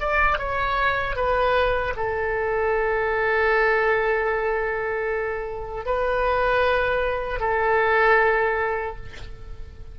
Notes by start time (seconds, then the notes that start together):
0.00 D5
0.39 C#5
1.16 B4
1.97 A4
5.85 B4
7.40 A4